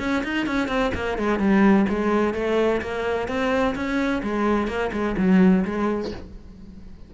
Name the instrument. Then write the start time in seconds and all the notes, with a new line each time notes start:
cello
0.00 C#4
0.24 D#4
0.46 C#4
0.68 C4
0.95 A#3
1.18 G#3
1.40 G3
1.89 G#3
2.34 A3
2.82 A#3
3.28 C4
3.75 C#4
4.23 G#3
4.68 A#3
4.93 G#3
5.18 F#3
5.65 G#3